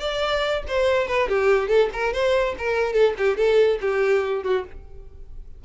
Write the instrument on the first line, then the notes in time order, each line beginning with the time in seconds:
violin
0.00 D5
0.68 C5
1.08 B4
1.29 G4
1.68 A4
1.93 A#4
2.13 C5
2.58 A#4
2.93 A4
3.18 G4
3.37 A4
3.81 G4
4.43 F#4